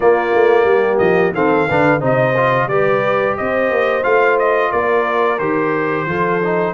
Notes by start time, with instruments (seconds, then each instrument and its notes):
0.00 trombone A#3, tuba A#3, horn F4, trumpet D5
0.33 tuba A3
0.64 tuba G3, horn G4
0.98 tuba F3, trumpet D#5
1.32 tuba D#3, trombone C4, horn A4, trumpet F5
1.67 tuba D3, trombone D4, horn B4
2.00 tuba C3, trombone D#4, horn C5, trumpet D#5
2.36 trombone F4
2.66 tuba G3, trombone G4, horn B4, trumpet D5
3.37 tuba C4, horn C5, trumpet D#5
3.70 tuba A#3
4.03 tuba A3, trombone F4, trumpet F5
4.38 trumpet D#5
4.71 tuba A#3, horn A#4, trumpet D5
5.38 tuba D#3, trombone G4, trumpet C5
6.06 tuba F3, trombone F4, horn A4
6.42 trombone D#4